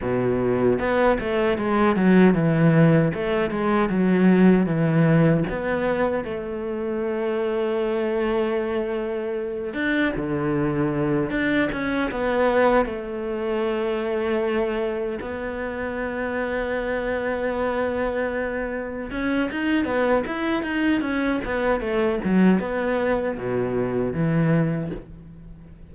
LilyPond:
\new Staff \with { instrumentName = "cello" } { \time 4/4 \tempo 4 = 77 b,4 b8 a8 gis8 fis8 e4 | a8 gis8 fis4 e4 b4 | a1~ | a8 d'8 d4. d'8 cis'8 b8~ |
b8 a2. b8~ | b1~ | b8 cis'8 dis'8 b8 e'8 dis'8 cis'8 b8 | a8 fis8 b4 b,4 e4 | }